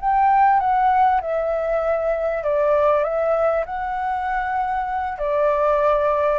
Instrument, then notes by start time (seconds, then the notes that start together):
flute
0.00 G5
0.60 F#5
1.21 E5
2.43 D5
3.03 E5
3.66 F#5
5.18 D5